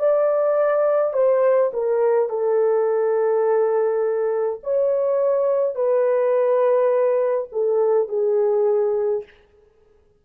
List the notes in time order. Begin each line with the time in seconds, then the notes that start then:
0.00 D5
1.14 C5
1.74 A#4
2.30 A4
4.64 C#5
5.75 B4
7.53 A4
8.09 G#4